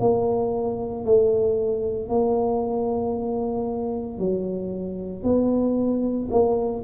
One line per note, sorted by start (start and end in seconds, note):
0.00 1.05 A#3
1.05 2.09 A3
2.09 4.19 A#3
4.19 5.23 F#3
5.23 6.29 B3
6.31 6.83 A#3